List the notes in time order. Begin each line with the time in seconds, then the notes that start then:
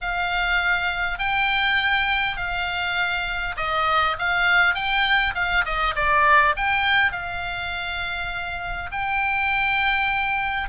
0.01 F5
1.19 G5
2.36 F5
3.56 D#5
4.19 F5
4.74 G5
5.35 F5
5.65 D#5
5.95 D5
6.56 G5
7.12 F5
8.91 G5